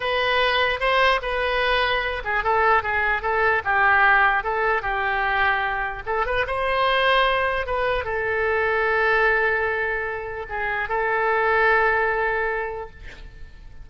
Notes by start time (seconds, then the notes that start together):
0.00 B4
0.80 C5
1.22 B4
2.24 G#4
2.43 A4
2.83 G#4
3.22 A4
3.64 G4
4.43 A4
4.82 G4
6.06 A4
6.25 B4
6.46 C5
7.66 B4
8.04 A4
10.49 G#4
10.88 A4